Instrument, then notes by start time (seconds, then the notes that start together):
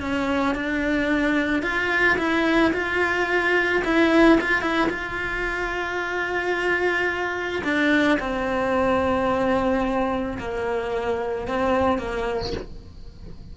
cello
0.00 C#4
0.54 D4
1.62 F4
2.18 E4
2.73 F4
3.84 E4
4.41 F4
4.61 E4
4.89 F4
7.64 D4
8.19 C4
10.39 A#3
11.47 C4
11.98 A#3